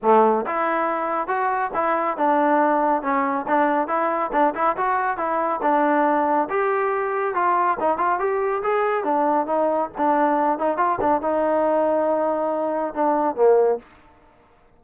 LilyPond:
\new Staff \with { instrumentName = "trombone" } { \time 4/4 \tempo 4 = 139 a4 e'2 fis'4 | e'4 d'2 cis'4 | d'4 e'4 d'8 e'8 fis'4 | e'4 d'2 g'4~ |
g'4 f'4 dis'8 f'8 g'4 | gis'4 d'4 dis'4 d'4~ | d'8 dis'8 f'8 d'8 dis'2~ | dis'2 d'4 ais4 | }